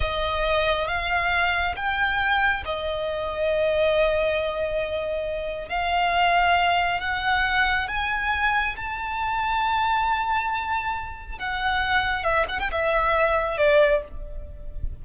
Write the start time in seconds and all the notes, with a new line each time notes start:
0.00 D#5
0.87 F5
1.75 G5
2.65 D#5
5.69 F5
7.00 F#5
7.88 G#5
8.76 A5
11.38 F#5
12.23 E5
12.48 F#5
12.59 G5
12.71 E5
13.57 D5